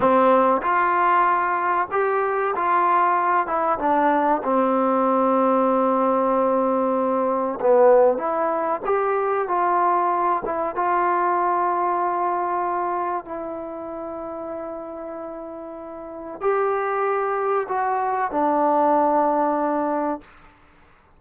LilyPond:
\new Staff \with { instrumentName = "trombone" } { \time 4/4 \tempo 4 = 95 c'4 f'2 g'4 | f'4. e'8 d'4 c'4~ | c'1 | b4 e'4 g'4 f'4~ |
f'8 e'8 f'2.~ | f'4 e'2.~ | e'2 g'2 | fis'4 d'2. | }